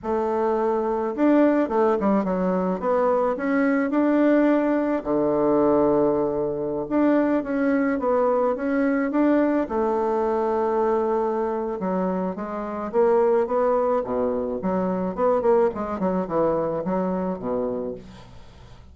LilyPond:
\new Staff \with { instrumentName = "bassoon" } { \time 4/4 \tempo 4 = 107 a2 d'4 a8 g8 | fis4 b4 cis'4 d'4~ | d'4 d2.~ | d16 d'4 cis'4 b4 cis'8.~ |
cis'16 d'4 a2~ a8.~ | a4 fis4 gis4 ais4 | b4 b,4 fis4 b8 ais8 | gis8 fis8 e4 fis4 b,4 | }